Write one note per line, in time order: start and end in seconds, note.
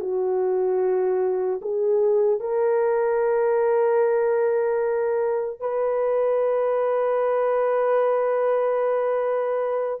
0.00 1.60 F#4
1.61 2.40 G#4
2.40 5.60 A#4
5.60 10.00 B4